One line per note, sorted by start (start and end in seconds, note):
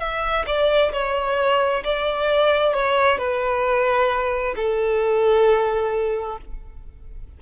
0.00 0.45 E5
0.47 0.93 D5
0.93 1.83 C#5
1.84 2.74 D5
2.74 3.19 C#5
3.19 4.55 B4
4.57 6.38 A4